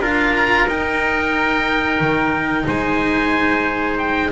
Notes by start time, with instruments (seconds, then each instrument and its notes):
0.00 double bass D4, cello F4, trumpet A#4, oboe F5
0.36 oboe A#5
0.68 double bass D#4, cello D#4, oboe G5
2.01 double bass D#3
2.67 double bass G#3, trumpet C5, oboe G#5
3.98 oboe G5